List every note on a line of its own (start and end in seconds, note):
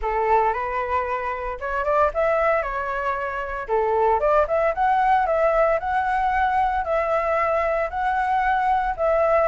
0.01 0.53 A4
0.53 1.58 B4
1.60 1.84 C#5
1.84 2.10 D5
2.14 2.62 E5
2.62 3.67 C#5
3.67 4.19 A4
4.19 4.46 D5
4.47 4.74 E5
4.74 5.26 F#5
5.26 5.79 E5
5.79 6.84 F#5
6.84 7.89 E5
7.89 8.95 F#5
8.96 9.48 E5